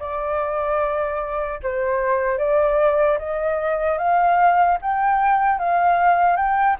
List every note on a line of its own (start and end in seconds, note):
0.00 1.60 D5
1.63 2.38 C5
2.38 3.18 D5
3.19 3.98 D#5
3.98 4.78 F5
4.82 5.59 G5
5.59 6.37 F5
6.37 6.76 G5